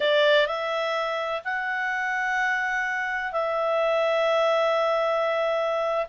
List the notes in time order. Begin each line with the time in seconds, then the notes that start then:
0.00 D5
0.46 E5
1.44 F#5
3.32 E5